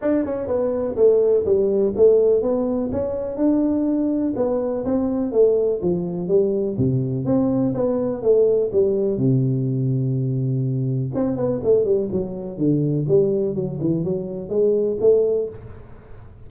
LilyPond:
\new Staff \with { instrumentName = "tuba" } { \time 4/4 \tempo 4 = 124 d'8 cis'8 b4 a4 g4 | a4 b4 cis'4 d'4~ | d'4 b4 c'4 a4 | f4 g4 c4 c'4 |
b4 a4 g4 c4~ | c2. c'8 b8 | a8 g8 fis4 d4 g4 | fis8 e8 fis4 gis4 a4 | }